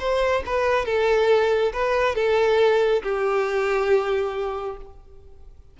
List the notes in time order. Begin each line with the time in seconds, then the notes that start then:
0.00 C5
0.46 B4
0.86 A4
1.73 B4
2.16 A4
3.03 G4